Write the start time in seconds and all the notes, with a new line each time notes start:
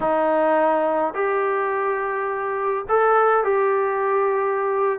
0.00 D#4
1.14 G4
2.88 A4
3.44 G4